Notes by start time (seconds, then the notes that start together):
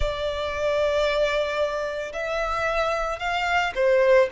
0.00 D5
2.12 E5
3.19 F5
3.75 C5